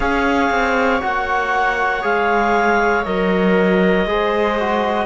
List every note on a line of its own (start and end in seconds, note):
0.00 0.50 C#4
0.00 1.00 G#4
0.00 4.07 C#5
0.00 1.02 F5
0.50 1.00 C4
1.00 2.03 A#3
1.00 2.02 F#4
1.00 2.04 F#5
2.02 3.05 G#3
2.02 3.03 G#4
2.02 3.04 F5
3.04 4.05 F#3
3.04 4.07 A#4
3.04 5.05 D#5
4.05 5.05 G#3
4.05 4.58 G#4
4.05 5.05 C5
4.59 5.05 F#4